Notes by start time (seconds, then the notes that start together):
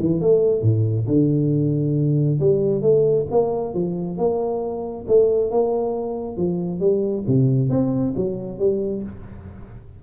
0.00 E3
0.21 A3
0.62 A2
1.07 D3
2.40 G3
2.82 A3
3.31 A#3
3.74 F3
4.18 A#3
5.08 A3
5.51 A#3
6.37 F3
6.80 G3
7.28 C3
7.70 C4
8.17 F#3
8.59 G3